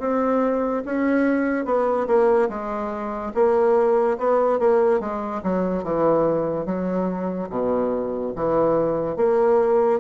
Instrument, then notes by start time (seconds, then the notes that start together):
bassoon
0.00 C4
0.86 C#4
1.66 B3
2.08 A#3
2.50 G#3
3.35 A#3
4.19 B3
4.59 A#3
5.00 G#3
5.44 F#3
5.84 E3
6.66 F#3
7.50 B2
8.36 E3
9.17 A#3